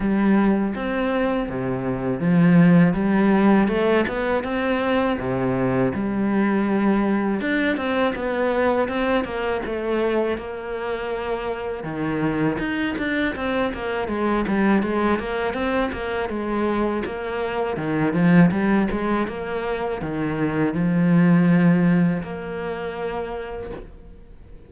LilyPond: \new Staff \with { instrumentName = "cello" } { \time 4/4 \tempo 4 = 81 g4 c'4 c4 f4 | g4 a8 b8 c'4 c4 | g2 d'8 c'8 b4 | c'8 ais8 a4 ais2 |
dis4 dis'8 d'8 c'8 ais8 gis8 g8 | gis8 ais8 c'8 ais8 gis4 ais4 | dis8 f8 g8 gis8 ais4 dis4 | f2 ais2 | }